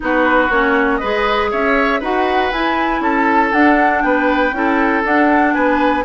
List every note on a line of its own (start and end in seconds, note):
0.00 0.49 B3
0.00 0.48 D#4
0.00 0.99 F#4
0.00 0.50 B4
0.49 1.00 A#3
0.49 1.02 C#4
0.49 0.96 C#5
0.96 2.02 G#4
0.96 1.50 B4
0.96 1.47 D#5
1.03 1.52 G#3
1.51 2.00 C#4
1.51 1.99 C#5
1.51 2.02 E5
1.99 2.51 D#4
1.99 2.52 F#4
1.99 3.00 B4
1.99 2.51 F#5
2.51 3.00 E4
2.51 3.53 E4
2.51 3.02 G#5
3.00 3.51 C#4
3.00 4.02 A4
3.00 3.52 A5
3.52 4.03 D4
3.52 4.53 D4
3.52 4.02 F#5
4.02 4.52 B3
4.02 4.55 B4
4.02 5.02 G5
4.52 5.02 C#4
4.52 5.03 E4
4.52 5.54 A4
5.04 5.55 D4
5.04 6.04 D4
5.04 5.53 F#5
5.53 6.04 B3
5.53 6.04 B4
5.53 6.03 G#5